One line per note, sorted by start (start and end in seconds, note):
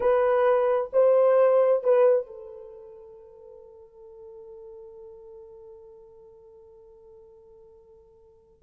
0.00 0.90 B4
0.92 1.83 C5
1.83 2.26 B4
2.26 8.62 A4